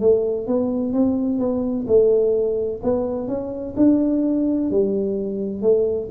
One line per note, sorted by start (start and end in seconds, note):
0.00 0.46 A3
0.46 0.92 B3
0.92 1.38 C4
1.38 1.85 B3
1.87 2.81 A3
2.83 3.28 B3
3.28 3.75 C#4
3.76 4.70 D4
4.70 5.61 G3
5.61 6.08 A3